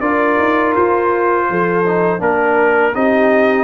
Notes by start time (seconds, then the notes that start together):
0.00 D4 F4 A#4 D5
0.38 D#4
0.75 F4 C5
1.50 F3 A4
1.86 D#4
2.19 A#3 D4 A#4
2.95 C4 D#4 G4 D#5